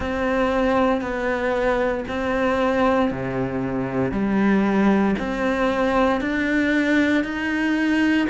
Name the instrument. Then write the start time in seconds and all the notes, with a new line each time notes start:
cello
0.00 C4
1.01 B3
2.08 C4
3.11 C3
4.11 G3
5.19 C4
6.20 D4
7.24 D#4